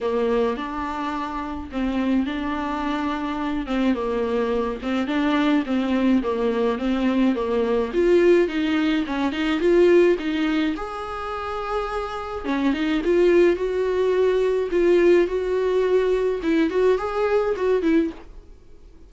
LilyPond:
\new Staff \with { instrumentName = "viola" } { \time 4/4 \tempo 4 = 106 ais4 d'2 c'4 | d'2~ d'8 c'8 ais4~ | ais8 c'8 d'4 c'4 ais4 | c'4 ais4 f'4 dis'4 |
cis'8 dis'8 f'4 dis'4 gis'4~ | gis'2 cis'8 dis'8 f'4 | fis'2 f'4 fis'4~ | fis'4 e'8 fis'8 gis'4 fis'8 e'8 | }